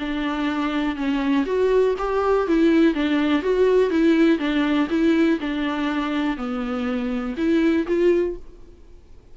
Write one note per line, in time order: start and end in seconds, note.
0.00 0.96 D4
0.96 1.46 C#4
1.46 1.96 F#4
1.99 2.48 G4
2.48 2.95 E4
2.95 3.42 D4
3.42 3.91 F#4
3.91 4.39 E4
4.39 4.88 D4
4.90 5.39 E4
5.41 6.37 D4
6.37 7.36 B3
7.37 7.86 E4
7.88 8.37 F4